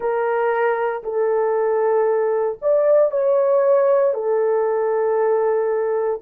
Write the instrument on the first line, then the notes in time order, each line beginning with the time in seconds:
horn
0.00 A#4
1.03 A4
2.61 D5
3.11 C#5
4.14 A4